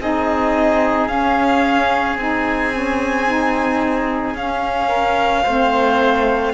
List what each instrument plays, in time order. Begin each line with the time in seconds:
0.00 cello C4, saxophone D#4, oboe G#4, violin D#5
1.08 cello C#4, saxophone C#4, violin F5
2.17 cello C4, saxophone D#4, violin G#5
2.72 saxophone C#4
3.27 saxophone D#4
4.35 cello C#4, saxophone C#4, violin F5
4.89 oboe A#4
5.43 cello A3, saxophone C4, oboe C5